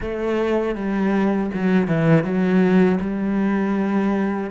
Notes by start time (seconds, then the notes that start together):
0.00 A3
0.75 G3
1.54 F#3
1.87 E3
2.24 F#3
3.00 G3